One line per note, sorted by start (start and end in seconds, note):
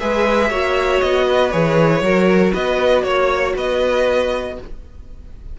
0.00 0.51 G#3
0.00 0.51 G#4
0.00 0.50 B4
0.00 1.01 E5
0.50 1.01 A#3
0.50 1.52 F#4
0.50 1.26 C#5
1.01 1.53 B3
1.01 1.51 D#5
1.27 2.03 B4
1.51 2.01 E3
1.51 2.03 G#4
1.51 2.53 C#5
2.01 2.52 F#3
2.01 4.60 F#4
2.01 2.53 A#4
2.53 3.04 B3
2.53 3.04 B4
2.53 3.03 D#5
3.03 3.55 A#3
3.03 3.54 C#5
3.03 3.56 C#5
3.56 4.58 B3
3.56 4.57 B4
3.56 4.60 D#5